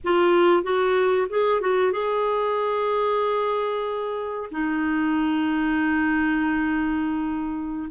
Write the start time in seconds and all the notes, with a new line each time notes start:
0.04 F4
0.63 F#4
1.29 G#4
1.60 F#4
1.92 G#4
4.51 D#4